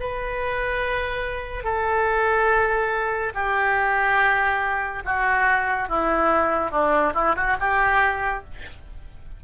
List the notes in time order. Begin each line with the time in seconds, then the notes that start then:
0.00 B4
1.64 A4
3.35 G4
5.05 F#4
5.89 E4
6.71 D4
7.15 E4
7.36 F#4
7.60 G4